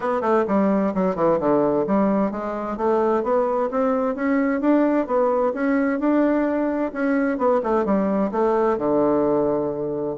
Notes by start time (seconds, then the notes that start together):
0.00 B3
0.21 A3
0.47 G3
0.94 F#3
1.15 E3
1.39 D3
1.86 G3
2.31 G#3
2.77 A3
3.23 B3
3.70 C4
4.15 C#4
4.60 D4
5.06 B3
5.53 C#4
5.99 D4
6.92 C#4
7.37 B3
7.63 A3
7.85 G3
8.31 A3
8.77 D3